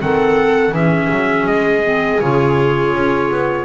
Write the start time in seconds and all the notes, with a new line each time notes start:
0.00 D#3 C4 A4 F#5
0.72 E3 C#4 G#4 E5
1.11 F#3
1.47 G#3 D#5
1.84 C4
2.21 C#3 F4 C#5
2.94 C#4
3.31 B3